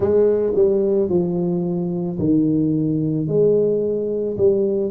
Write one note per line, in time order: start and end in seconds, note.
0.00 0.53 G#3
0.55 1.09 G3
1.09 2.18 F3
2.18 3.27 D#3
3.27 4.36 G#3
4.37 4.90 G3